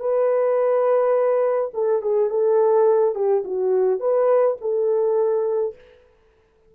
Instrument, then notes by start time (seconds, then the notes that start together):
horn
0.00 B4
1.74 A4
2.02 G#4
2.30 A4
3.15 G4
3.45 F#4
4.00 B4
4.61 A4